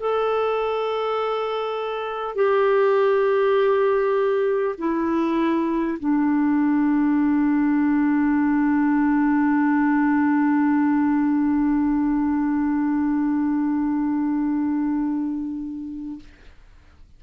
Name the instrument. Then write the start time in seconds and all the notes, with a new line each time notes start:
clarinet
0.00 A4
2.36 G4
4.78 E4
6.00 D4